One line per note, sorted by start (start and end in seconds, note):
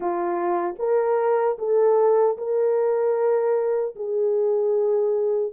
0.00 0.75 F4
0.78 1.57 A#4
1.58 2.37 A4
2.37 3.95 A#4
3.95 5.53 G#4